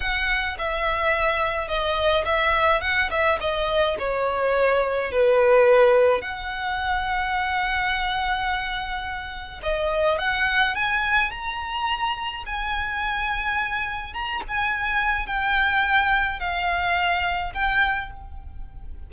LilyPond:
\new Staff \with { instrumentName = "violin" } { \time 4/4 \tempo 4 = 106 fis''4 e''2 dis''4 | e''4 fis''8 e''8 dis''4 cis''4~ | cis''4 b'2 fis''4~ | fis''1~ |
fis''4 dis''4 fis''4 gis''4 | ais''2 gis''2~ | gis''4 ais''8 gis''4. g''4~ | g''4 f''2 g''4 | }